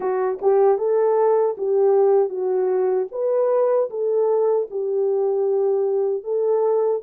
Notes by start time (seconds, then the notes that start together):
0.00 F#4
0.41 G4
0.78 A4
1.57 G4
2.29 F#4
3.11 B4
3.90 A4
4.70 G4
6.23 A4